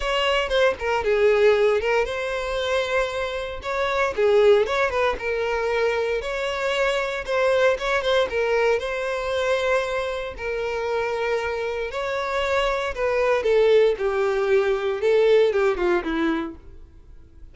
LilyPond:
\new Staff \with { instrumentName = "violin" } { \time 4/4 \tempo 4 = 116 cis''4 c''8 ais'8 gis'4. ais'8 | c''2. cis''4 | gis'4 cis''8 b'8 ais'2 | cis''2 c''4 cis''8 c''8 |
ais'4 c''2. | ais'2. cis''4~ | cis''4 b'4 a'4 g'4~ | g'4 a'4 g'8 f'8 e'4 | }